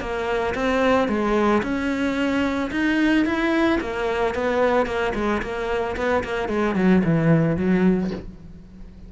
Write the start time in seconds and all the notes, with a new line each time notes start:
0.00 A#3
0.54 C4
1.08 G#3
1.62 C#4
2.71 D#4
3.25 E4
3.80 A#3
4.34 B3
4.86 A#3
5.14 G#3
5.42 A#3
5.96 B3
6.24 A#3
6.48 G#3
6.75 F#3
7.04 E3
7.56 F#3